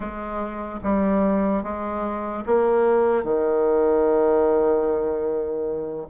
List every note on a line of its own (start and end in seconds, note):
0.00 0.79 G#3
0.83 1.63 G3
1.63 2.44 G#3
2.45 3.23 A#3
3.23 6.07 D#3